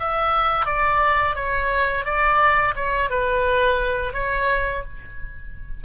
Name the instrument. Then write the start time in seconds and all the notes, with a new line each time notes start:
oboe
0.00 E5
0.66 D5
1.35 C#5
2.05 D5
2.76 C#5
3.10 B4
4.14 C#5